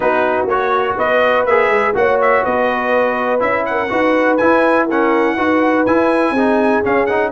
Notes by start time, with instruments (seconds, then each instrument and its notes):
0.00 tuba B3, trombone D#4, horn F#4, trumpet B4
0.46 tuba A#3, trombone F#4, trumpet C#5
0.97 tuba B3, horn B4, trumpet D#5
1.46 tuba A#3, trombone G#4, trumpet E5
1.69 tuba G#3
1.94 tuba A#3, trombone F#4, horn C#5, trumpet F#5
2.21 trumpet E5
2.44 tuba B3, horn B4, trumpet D#5
3.39 tuba C#4, trombone E4, trumpet E5
3.65 horn A#4, trumpet F#5
3.89 tuba D#4, trombone F#4, horn B4
4.37 trombone E4, tuba E4, trumpet G#5
4.86 trombone C#4, horn A#4, trumpet F#5
5.35 tuba D#4, trombone F#4, horn B4
5.86 tuba E4, trombone E4, trumpet G#5
6.31 tuba C4, trombone D#4, horn G#4
6.83 trombone C#4, tuba C#4, trumpet F5
7.06 trombone D#4, trumpet F#5